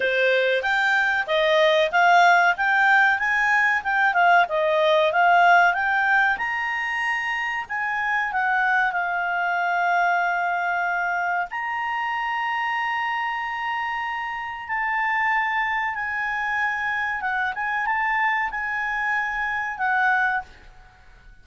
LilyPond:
\new Staff \with { instrumentName = "clarinet" } { \time 4/4 \tempo 4 = 94 c''4 g''4 dis''4 f''4 | g''4 gis''4 g''8 f''8 dis''4 | f''4 g''4 ais''2 | gis''4 fis''4 f''2~ |
f''2 ais''2~ | ais''2. a''4~ | a''4 gis''2 fis''8 gis''8 | a''4 gis''2 fis''4 | }